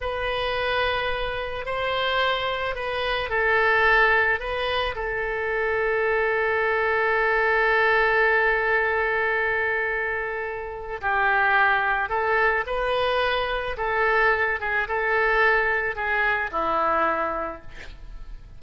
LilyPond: \new Staff \with { instrumentName = "oboe" } { \time 4/4 \tempo 4 = 109 b'2. c''4~ | c''4 b'4 a'2 | b'4 a'2.~ | a'1~ |
a'1 | g'2 a'4 b'4~ | b'4 a'4. gis'8 a'4~ | a'4 gis'4 e'2 | }